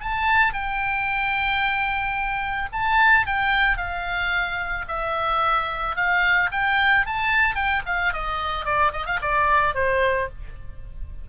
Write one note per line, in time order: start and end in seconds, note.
0.00 0.53 A5
0.53 2.69 G5
2.72 3.27 A5
3.27 3.77 G5
3.77 4.85 F5
4.88 5.96 E5
5.96 6.50 F5
6.52 7.06 G5
7.06 7.55 A5
7.55 7.82 G5
7.86 8.13 F5
8.13 8.65 D#5
8.65 8.92 D5
8.92 9.06 D#5
9.06 9.19 F5
9.21 9.74 D5
9.74 10.28 C5